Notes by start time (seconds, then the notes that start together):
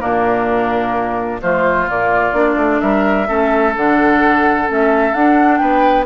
0.00 A#2 A#3 D4 A#4
1.42 F3 A3 F4 C5
1.88 A#2 A#3 D5
2.34 A#3 D4
2.57 A3
2.81 G3 A#4 E5
3.28 A3 C#4 A4
3.76 D3 D4 F#5
4.68 A3 C#4 E5
5.14 D4 F#5
5.58 B3 B4 G5